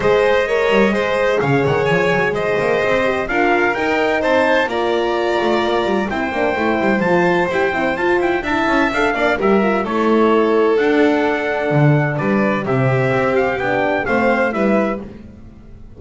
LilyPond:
<<
  \new Staff \with { instrumentName = "trumpet" } { \time 4/4 \tempo 4 = 128 dis''2. f''8 fis''8 | gis''4 dis''2 f''4 | g''4 a''4 ais''2~ | ais''4 g''2 a''4 |
g''4 a''8 g''8 a''4 f''4 | e''4 cis''2 fis''4~ | fis''2 d''4 e''4~ | e''8 f''8 g''4 f''4 e''4 | }
  \new Staff \with { instrumentName = "violin" } { \time 4/4 c''4 cis''4 c''4 cis''4~ | cis''4 c''2 ais'4~ | ais'4 c''4 d''2~ | d''4 c''2.~ |
c''2 e''4. d''8 | ais'4 a'2.~ | a'2 b'4 g'4~ | g'2 c''4 b'4 | }
  \new Staff \with { instrumentName = "horn" } { \time 4/4 gis'4 ais'4 gis'2~ | gis'2~ gis'8 g'8 f'4 | dis'2 f'2~ | f'4 e'8 d'8 e'4 f'4 |
g'8 e'8 f'4 e'4 a'8 d'8 | g'8 f'8 e'2 d'4~ | d'2. c'4~ | c'4 d'4 c'4 e'4 | }
  \new Staff \with { instrumentName = "double bass" } { \time 4/4 gis4. g8 gis4 cis8 dis8 | f8 fis8 gis8 ais8 c'4 d'4 | dis'4 c'4 ais4. a8 | ais8 g8 c'8 ais8 a8 g8 f4 |
e'8 c'8 f'8 e'8 d'8 cis'8 d'8 ais8 | g4 a2 d'4~ | d'4 d4 g4 c4 | c'4 b4 a4 g4 | }
>>